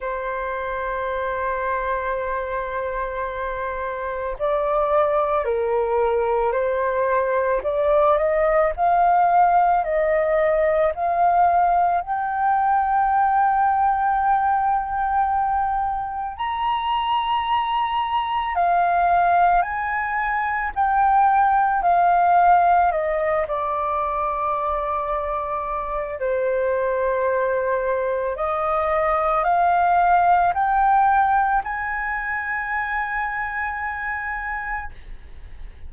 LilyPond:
\new Staff \with { instrumentName = "flute" } { \time 4/4 \tempo 4 = 55 c''1 | d''4 ais'4 c''4 d''8 dis''8 | f''4 dis''4 f''4 g''4~ | g''2. ais''4~ |
ais''4 f''4 gis''4 g''4 | f''4 dis''8 d''2~ d''8 | c''2 dis''4 f''4 | g''4 gis''2. | }